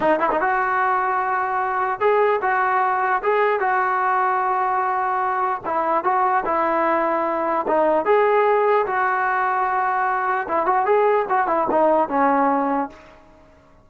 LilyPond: \new Staff \with { instrumentName = "trombone" } { \time 4/4 \tempo 4 = 149 dis'8 e'16 dis'16 fis'2.~ | fis'4 gis'4 fis'2 | gis'4 fis'2.~ | fis'2 e'4 fis'4 |
e'2. dis'4 | gis'2 fis'2~ | fis'2 e'8 fis'8 gis'4 | fis'8 e'8 dis'4 cis'2 | }